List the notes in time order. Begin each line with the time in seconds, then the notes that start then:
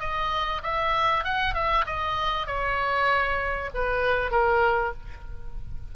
0.00 D#5
0.63 E5
1.25 F#5
1.54 E5
1.86 D#5
2.47 C#5
3.75 B4
4.31 A#4